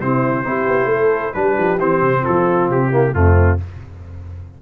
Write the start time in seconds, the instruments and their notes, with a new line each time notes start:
0.00 tuba C3, trombone C4, horn E4, trumpet C5
0.44 tuba C4, trombone E4, horn G4
0.68 tuba B3
0.85 tuba A3, horn A4
1.34 tuba G3, trombone D4, horn G4, trumpet B4
1.58 tuba F3
1.80 tuba E3, trombone C4, trumpet C5
2.02 tuba C3
2.21 horn F4, trumpet A4
2.28 tuba F3
2.70 tuba C3, trumpet G4
2.91 trombone A#3, horn E4
3.13 tuba F2, trombone A3, horn C4, trumpet F4